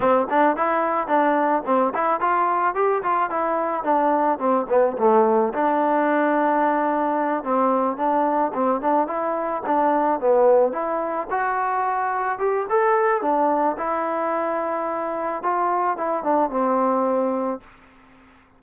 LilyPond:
\new Staff \with { instrumentName = "trombone" } { \time 4/4 \tempo 4 = 109 c'8 d'8 e'4 d'4 c'8 e'8 | f'4 g'8 f'8 e'4 d'4 | c'8 b8 a4 d'2~ | d'4. c'4 d'4 c'8 |
d'8 e'4 d'4 b4 e'8~ | e'8 fis'2 g'8 a'4 | d'4 e'2. | f'4 e'8 d'8 c'2 | }